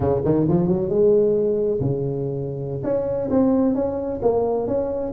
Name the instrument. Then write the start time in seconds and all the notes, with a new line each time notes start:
tuba
0.00 C#3
0.25 D#3
0.48 F3
0.67 F#3
0.89 G#3
1.80 C#3
2.83 C#4
3.30 C4
3.74 C#4
4.21 A#3
4.67 C#4